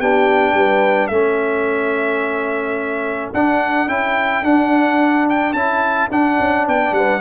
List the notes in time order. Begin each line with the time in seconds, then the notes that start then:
0.00 B3 D4 G4 G5
0.54 G3 B4
1.08 A3 C#4 A4 E5
3.34 D4 F#5
3.88 C#4 E4 G5
4.43 D4 F#5
5.30 G5
5.53 C#4 E4 A5
6.11 D4 F#5
6.40 C#4
6.65 B3 D5 G5
6.92 G3 B4 F#5